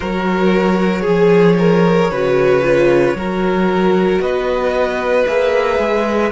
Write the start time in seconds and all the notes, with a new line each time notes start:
0.00 F#3 F#4 A#4 C#5
1.01 F3 G#4
1.58 A#4
2.11 C#3 F#4 B4
2.63 F4
3.14 F#3 F#4 A#4
4.20 B3 B4 D#5
5.27 A#3 G#4 E5
5.79 G#3